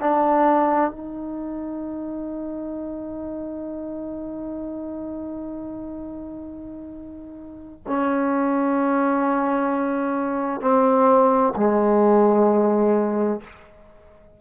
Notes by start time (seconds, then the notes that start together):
0.00 D4
0.91 D#4
7.87 C#4
10.61 C4
11.56 G#3